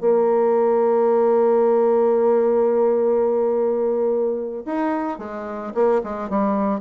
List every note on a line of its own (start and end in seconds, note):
0.00 4.64 A#3
4.65 5.18 D#4
5.18 5.73 G#3
5.74 6.01 A#3
6.03 6.29 G#3
6.29 6.80 G3